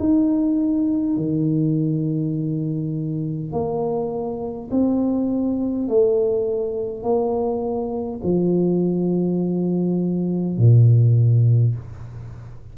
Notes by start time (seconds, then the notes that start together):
0.00 D#4
1.17 D#3
3.53 A#3
4.71 C4
5.89 A3
7.03 A#3
8.24 F3
10.58 A#2